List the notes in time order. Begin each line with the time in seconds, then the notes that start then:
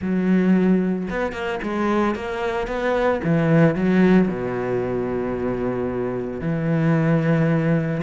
0.01 F#3
1.10 B3
1.32 A#3
1.62 G#3
2.15 A#3
2.67 B3
3.24 E3
3.75 F#3
4.28 B2
6.40 E3